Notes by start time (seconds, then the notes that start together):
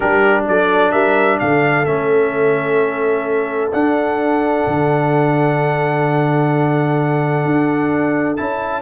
0.00 G3 D4 G4 A#4
0.48 F#3 A4 D5
0.91 G3 A#4 E5
1.39 D3 A4 F5
1.85 A3 C#4 E5
3.72 D4 F#5
4.66 D3
7.45 D4
8.36 C#4 E4 A5